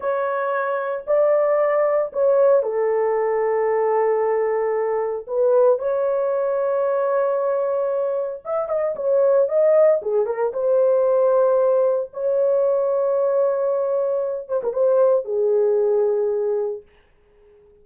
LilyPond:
\new Staff \with { instrumentName = "horn" } { \time 4/4 \tempo 4 = 114 cis''2 d''2 | cis''4 a'2.~ | a'2 b'4 cis''4~ | cis''1 |
e''8 dis''8 cis''4 dis''4 gis'8 ais'8 | c''2. cis''4~ | cis''2.~ cis''8 c''16 ais'16 | c''4 gis'2. | }